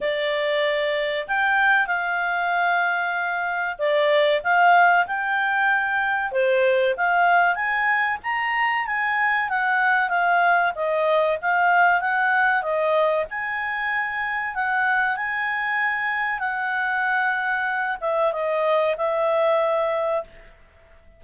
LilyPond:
\new Staff \with { instrumentName = "clarinet" } { \time 4/4 \tempo 4 = 95 d''2 g''4 f''4~ | f''2 d''4 f''4 | g''2 c''4 f''4 | gis''4 ais''4 gis''4 fis''4 |
f''4 dis''4 f''4 fis''4 | dis''4 gis''2 fis''4 | gis''2 fis''2~ | fis''8 e''8 dis''4 e''2 | }